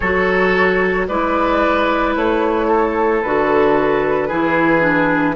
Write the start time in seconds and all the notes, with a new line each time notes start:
0.00 F#3 F#4 A4 C#5
1.07 G#3 E4 B4 D5
2.15 A3 C#5
2.67 A4
3.22 D3 F#4 B4
4.28 E3 E4 G#4
4.81 D4